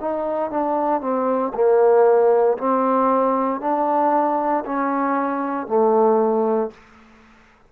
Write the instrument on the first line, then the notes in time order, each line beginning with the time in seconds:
trombone
0.00 D#4
0.50 D4
1.01 C4
1.54 A#3
2.58 C4
3.61 D4
4.65 C#4
5.67 A3